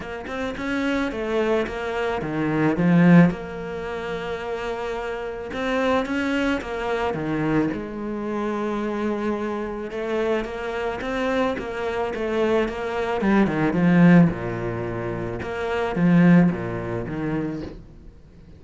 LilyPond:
\new Staff \with { instrumentName = "cello" } { \time 4/4 \tempo 4 = 109 ais8 c'8 cis'4 a4 ais4 | dis4 f4 ais2~ | ais2 c'4 cis'4 | ais4 dis4 gis2~ |
gis2 a4 ais4 | c'4 ais4 a4 ais4 | g8 dis8 f4 ais,2 | ais4 f4 ais,4 dis4 | }